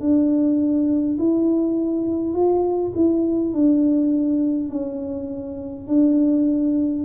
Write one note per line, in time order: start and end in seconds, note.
0.00 1.18 D4
1.19 2.34 E4
2.34 2.93 F4
2.95 3.53 E4
3.53 4.70 D4
4.70 5.88 C#4
5.88 7.05 D4